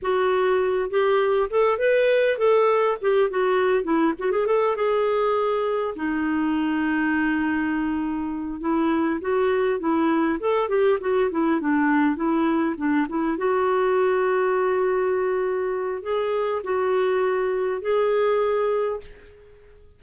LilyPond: \new Staff \with { instrumentName = "clarinet" } { \time 4/4 \tempo 4 = 101 fis'4. g'4 a'8 b'4 | a'4 g'8 fis'4 e'8 fis'16 gis'16 a'8 | gis'2 dis'2~ | dis'2~ dis'8 e'4 fis'8~ |
fis'8 e'4 a'8 g'8 fis'8 e'8 d'8~ | d'8 e'4 d'8 e'8 fis'4.~ | fis'2. gis'4 | fis'2 gis'2 | }